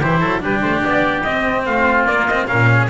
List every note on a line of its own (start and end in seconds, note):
0.00 0.23 E3
0.00 0.40 E4
0.00 0.20 G4
0.00 0.44 C5
0.20 0.43 F#3
0.20 0.41 A4
0.40 0.63 G3
0.40 1.23 D4
0.40 1.68 G4
0.40 0.62 B4
0.62 0.83 A3
0.62 0.82 C5
0.84 1.26 B3
0.84 1.24 D5
1.24 2.09 C4
1.24 1.67 C4
1.24 1.65 D#5
1.66 2.04 A3
1.66 2.48 F4
1.66 2.07 F5
2.04 2.46 A#3
2.04 2.30 A#3
2.04 2.27 D5
2.28 2.48 C4
2.28 2.47 D#5
2.47 2.90 A#2
2.47 2.89 C#4
2.47 2.69 A#4
2.47 2.89 F5
2.72 2.90 G#4